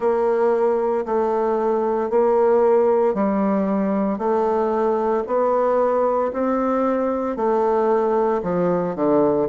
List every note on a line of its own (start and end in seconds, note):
0.00 1.05 A#3
1.05 2.10 A3
2.10 3.14 A#3
3.14 4.18 G3
4.18 5.23 A3
5.26 6.32 B3
6.32 7.36 C4
7.36 8.41 A3
8.43 8.95 F3
8.95 9.48 D3